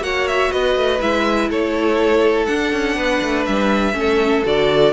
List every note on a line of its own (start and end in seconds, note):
0.00 0.49 A#3
0.00 0.99 F#4
0.00 0.52 C#5
0.00 0.27 F#5
0.27 0.52 E5
0.52 0.76 B3
0.52 1.50 B4
0.52 1.01 D#5
0.76 1.01 A3
1.01 1.49 G#3
1.01 2.48 E4
1.01 1.50 E5
1.49 2.48 A3
1.49 2.96 A4
1.49 2.45 C#5
2.45 3.93 D4
2.45 2.73 D4
2.45 3.44 F#5
2.73 2.97 C#4
2.96 3.21 B3
2.96 3.95 B4
3.22 3.47 A3
3.45 3.93 G3
3.45 4.44 E5
3.93 4.43 A3
3.93 4.42 C#4
3.99 4.93 A4
4.45 4.93 D3
4.45 4.93 F#4
4.45 4.93 D5